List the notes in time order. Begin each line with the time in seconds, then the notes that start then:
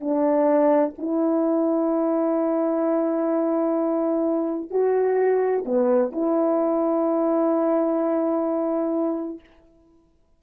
0.00 D4
0.98 E4
4.70 F#4
5.65 B3
6.12 E4